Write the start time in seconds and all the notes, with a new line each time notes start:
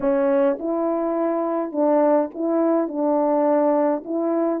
0.00 C#4
0.59 E4
1.72 D4
2.34 E4
2.87 D4
4.04 E4